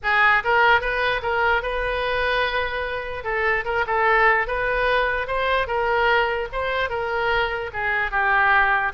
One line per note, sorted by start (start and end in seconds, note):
0.02 0.43 G#4
0.43 0.80 A#4
0.80 1.21 B4
1.22 1.62 A#4
1.62 3.23 B4
3.23 3.64 A4
3.64 3.85 A#4
3.86 4.47 A4
4.47 5.27 B4
5.27 5.67 C5
5.67 6.48 A#4
6.52 6.89 C5
6.89 7.70 A#4
7.73 8.11 G#4
8.11 8.92 G4